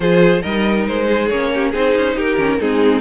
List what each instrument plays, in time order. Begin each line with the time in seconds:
0.00 cello F3, viola F4, violin G#4 C5
0.41 cello G3, viola D#4, violin A#4 D#5
0.87 cello G#3, violin C5
1.07 violin G#4
1.28 cello A#3, viola C#4, violin C#5
1.54 violin G4
1.70 cello C4, viola D#4, violin G#4 C5
1.95 cello C#4
2.15 cello D#4, violin G4 A#4
2.37 cello D#3, viola C#4
2.60 cello G#3, viola C4, violin D#4 G#4